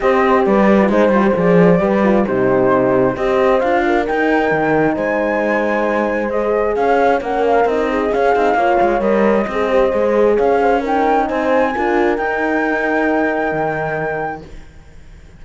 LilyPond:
<<
  \new Staff \with { instrumentName = "flute" } { \time 4/4 \tempo 4 = 133 dis''4 d''4 c''4 d''4~ | d''4 c''2 dis''4 | f''4 g''2 gis''4~ | gis''2 dis''4 f''4 |
fis''8 f''8 dis''4 f''2 | dis''2. f''4 | g''4 gis''2 g''4~ | g''1 | }
  \new Staff \with { instrumentName = "horn" } { \time 4/4 c''4 b'4 c''2 | b'4 g'2 c''4~ | c''8 ais'2~ ais'8 c''4~ | c''2. cis''4 |
ais'4. gis'4. cis''4~ | cis''4 c''2 cis''8 c''8 | ais'4 c''4 ais'2~ | ais'1 | }
  \new Staff \with { instrumentName = "horn" } { \time 4/4 g'4.~ g'16 f'16 dis'8 f'16 g'16 gis'4 | g'8 f'8 dis'2 g'4 | f'4 dis'2.~ | dis'2 gis'2 |
cis'4 dis'4 cis'8 dis'8 f'4 | ais'4 gis'8 g'8 gis'2 | dis'2 f'4 dis'4~ | dis'1 | }
  \new Staff \with { instrumentName = "cello" } { \time 4/4 c'4 g4 gis8 g8 f4 | g4 c2 c'4 | d'4 dis'4 dis4 gis4~ | gis2. cis'4 |
ais4 c'4 cis'8 c'8 ais8 gis8 | g4 c'4 gis4 cis'4~ | cis'4 c'4 d'4 dis'4~ | dis'2 dis2 | }
>>